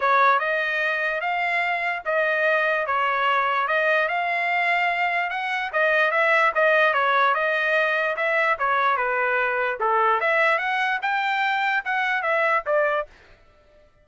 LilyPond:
\new Staff \with { instrumentName = "trumpet" } { \time 4/4 \tempo 4 = 147 cis''4 dis''2 f''4~ | f''4 dis''2 cis''4~ | cis''4 dis''4 f''2~ | f''4 fis''4 dis''4 e''4 |
dis''4 cis''4 dis''2 | e''4 cis''4 b'2 | a'4 e''4 fis''4 g''4~ | g''4 fis''4 e''4 d''4 | }